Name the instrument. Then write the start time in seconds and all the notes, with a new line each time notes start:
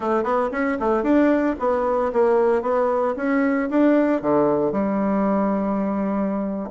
bassoon
0.00 A3
0.23 B3
0.51 C#4
0.79 A3
1.03 D4
1.59 B3
2.12 A#3
2.62 B3
3.16 C#4
3.69 D4
4.21 D3
4.72 G3